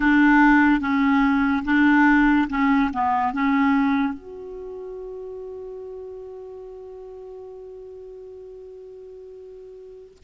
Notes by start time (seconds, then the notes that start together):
0.00 D4
0.80 C#4
1.64 D4
2.48 C#4
2.93 B3
3.33 C#4
4.13 F#4